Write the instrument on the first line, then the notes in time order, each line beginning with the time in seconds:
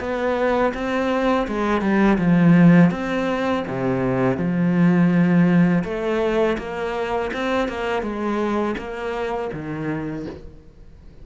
cello
0.00 B3
0.75 C4
1.48 G#3
1.82 G3
2.19 F3
2.91 C4
3.68 C3
4.38 F3
5.84 A3
6.59 A#3
7.34 C4
7.69 A#3
8.03 G#3
8.78 A#3
9.53 D#3